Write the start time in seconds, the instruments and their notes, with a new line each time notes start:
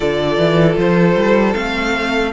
0.00 cello D3, viola F4, violin A4 D5
0.37 cello E3
0.77 cello F3, violin C5
1.15 cello G3
1.54 cello A3, viola C4, violin F5